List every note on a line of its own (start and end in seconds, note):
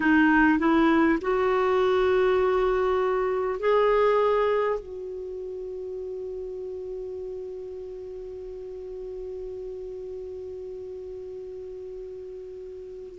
0.00 0.58 D#4
0.58 1.18 E4
1.21 3.59 F#4
3.59 4.79 G#4
4.79 13.18 F#4